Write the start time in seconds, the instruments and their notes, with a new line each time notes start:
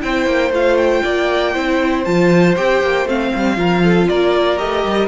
0.00 cello C4, viola E4, violin C5 G5
0.26 cello A#3
0.50 cello A3, viola F4, violin F5
0.78 violin G5
1.03 cello A#3, violin D5
1.54 cello C4, viola E4, violin C5
2.04 cello F3, viola F4, violin A5
2.56 cello C4, viola G4, violin G5
2.82 cello A#3
3.06 cello A3, viola C4, violin F5
3.35 cello G3
3.56 cello F3, viola F4, violin A#4
3.83 violin A4
4.09 cello A#3, violin A#4 D5
4.58 cello A3, viola G4, violin D#5
4.85 cello G3